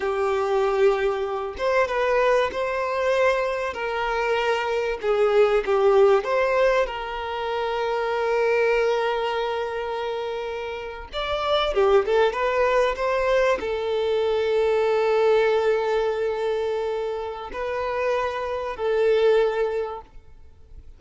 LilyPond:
\new Staff \with { instrumentName = "violin" } { \time 4/4 \tempo 4 = 96 g'2~ g'8 c''8 b'4 | c''2 ais'2 | gis'4 g'4 c''4 ais'4~ | ais'1~ |
ais'4.~ ais'16 d''4 g'8 a'8 b'16~ | b'8. c''4 a'2~ a'16~ | a'1 | b'2 a'2 | }